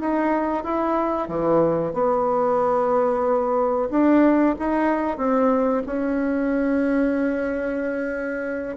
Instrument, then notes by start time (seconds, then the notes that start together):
bassoon
0.00 D#4
0.64 E4
1.29 E3
1.94 B3
3.91 D4
4.59 D#4
5.18 C4
5.87 C#4